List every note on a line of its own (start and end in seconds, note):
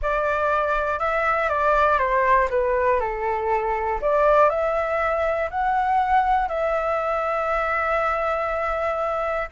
0.02 0.99 D5
0.99 1.49 E5
1.49 1.98 D5
1.98 2.48 C5
2.50 3.00 B4
3.00 4.00 A4
4.01 4.49 D5
4.49 5.49 E5
5.50 6.48 F#5
6.48 9.48 E5